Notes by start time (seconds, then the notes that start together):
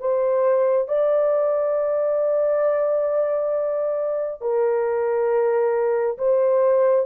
0.00 C5
0.88 D5
4.41 A#4
6.18 C5